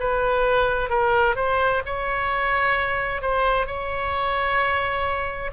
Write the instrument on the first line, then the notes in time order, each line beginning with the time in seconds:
oboe
0.00 B4
0.90 A#4
1.36 C5
1.85 C#5
3.22 C5
3.66 C#5